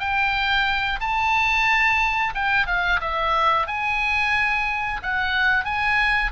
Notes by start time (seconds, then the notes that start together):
0.00 G5
1.00 A5
2.35 G5
2.67 F5
3.01 E5
3.68 G#5
5.03 F#5
5.65 G#5